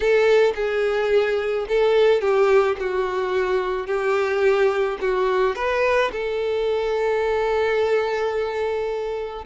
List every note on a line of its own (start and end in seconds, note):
0.00 0.53 A4
0.55 1.66 G#4
1.68 2.21 A4
2.21 2.76 G4
2.79 3.86 F#4
3.86 4.97 G4
5.00 5.55 F#4
5.55 6.11 B4
6.12 9.45 A4